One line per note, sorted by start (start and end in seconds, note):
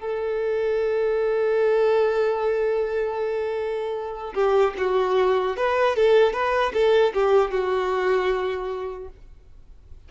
0.00 4.34 A4
4.35 4.74 G4
4.78 5.57 F#4
5.57 5.96 B4
5.96 6.33 A4
6.33 6.73 B4
6.74 7.13 A4
7.14 7.51 G4
7.51 9.09 F#4